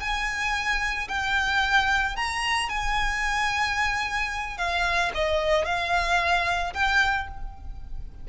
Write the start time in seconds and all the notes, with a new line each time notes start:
0.00 G#5
1.09 G5
2.16 A#5
2.69 G#5
4.58 F5
5.14 D#5
5.65 F5
6.74 G5